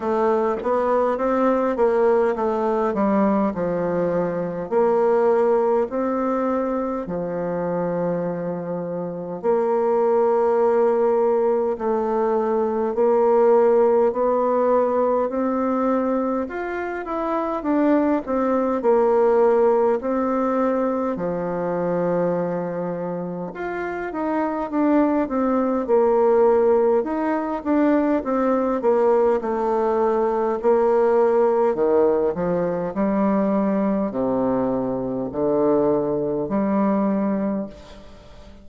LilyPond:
\new Staff \with { instrumentName = "bassoon" } { \time 4/4 \tempo 4 = 51 a8 b8 c'8 ais8 a8 g8 f4 | ais4 c'4 f2 | ais2 a4 ais4 | b4 c'4 f'8 e'8 d'8 c'8 |
ais4 c'4 f2 | f'8 dis'8 d'8 c'8 ais4 dis'8 d'8 | c'8 ais8 a4 ais4 dis8 f8 | g4 c4 d4 g4 | }